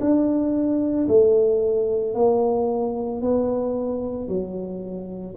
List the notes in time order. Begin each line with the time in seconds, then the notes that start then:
0.00 D4
1.08 A3
2.14 A#3
3.21 B3
4.28 F#3